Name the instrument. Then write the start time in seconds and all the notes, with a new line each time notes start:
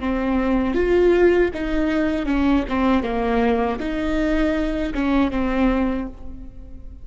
viola
0.00 C4
0.75 F4
1.54 D#4
2.26 C#4
2.69 C4
3.03 A#3
3.80 D#4
4.94 C#4
5.31 C4